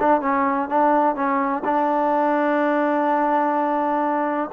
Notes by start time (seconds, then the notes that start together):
0.00 D4
0.21 C#4
0.69 D4
1.15 C#4
1.65 D4